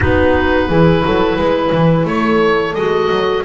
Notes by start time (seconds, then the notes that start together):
0.00 B3 D#4 F#4 B4
0.68 E3 E4 G#4
1.04 F#3 A4
1.36 G#3 B4
1.72 E3
2.05 A3 A4 C#5
2.74 G#3 F#4 D#5
3.10 F#3